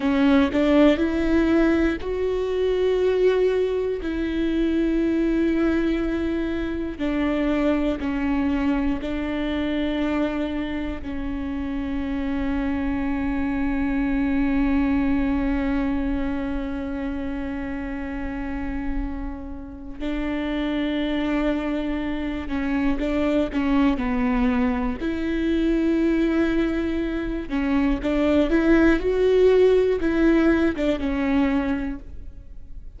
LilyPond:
\new Staff \with { instrumentName = "viola" } { \time 4/4 \tempo 4 = 60 cis'8 d'8 e'4 fis'2 | e'2. d'4 | cis'4 d'2 cis'4~ | cis'1~ |
cis'1 | d'2~ d'8 cis'8 d'8 cis'8 | b4 e'2~ e'8 cis'8 | d'8 e'8 fis'4 e'8. d'16 cis'4 | }